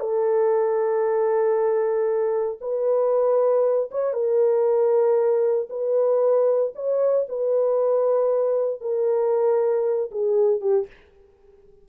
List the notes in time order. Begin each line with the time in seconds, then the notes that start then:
0.00 A4
2.61 B4
3.91 C#5
4.13 A#4
5.70 B4
6.75 C#5
7.29 B4
8.81 A#4
10.11 G#4
10.61 G4